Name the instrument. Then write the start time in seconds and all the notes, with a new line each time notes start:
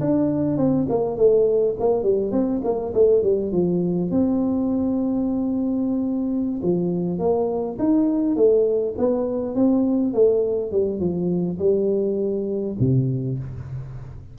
tuba
0.00 D4
0.57 C4
0.89 A#3
1.16 A3
1.79 A#3
2.03 G3
2.31 C4
2.64 A#3
2.94 A3
3.22 G3
3.52 F3
4.10 C4
6.62 F3
7.18 A#3
7.78 D#4
8.36 A3
8.98 B3
9.55 C4
10.13 A3
10.71 G3
10.99 F3
11.59 G3
12.79 C3